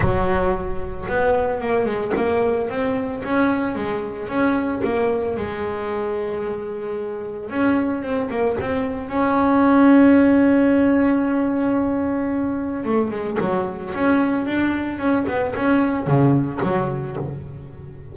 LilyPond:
\new Staff \with { instrumentName = "double bass" } { \time 4/4 \tempo 4 = 112 fis2 b4 ais8 gis8 | ais4 c'4 cis'4 gis4 | cis'4 ais4 gis2~ | gis2 cis'4 c'8 ais8 |
c'4 cis'2.~ | cis'1 | a8 gis8 fis4 cis'4 d'4 | cis'8 b8 cis'4 cis4 fis4 | }